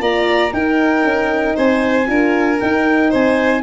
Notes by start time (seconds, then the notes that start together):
0.00 A#3 F4 D5 A#5
0.53 D#4 A#4 G5
1.04 C#4
1.55 C4 C5 G#5
2.06 D4 F4 A#4
2.60 D#4 G5
3.10 C4 C5 G#5